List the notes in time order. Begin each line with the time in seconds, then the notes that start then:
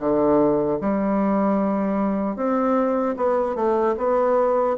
0.00 D3
0.81 G3
2.36 C4
3.17 B3
3.56 A3
3.98 B3